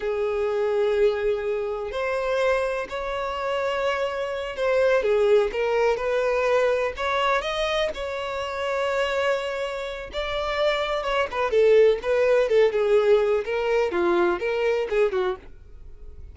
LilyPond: \new Staff \with { instrumentName = "violin" } { \time 4/4 \tempo 4 = 125 gis'1 | c''2 cis''2~ | cis''4. c''4 gis'4 ais'8~ | ais'8 b'2 cis''4 dis''8~ |
dis''8 cis''2.~ cis''8~ | cis''4 d''2 cis''8 b'8 | a'4 b'4 a'8 gis'4. | ais'4 f'4 ais'4 gis'8 fis'8 | }